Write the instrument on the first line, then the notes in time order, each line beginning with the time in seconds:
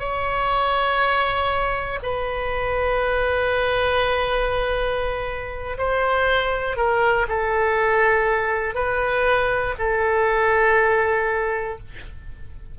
oboe
0.00 C#5
2.03 B4
5.78 C5
6.77 A#4
7.29 A4
8.75 B4
9.79 A4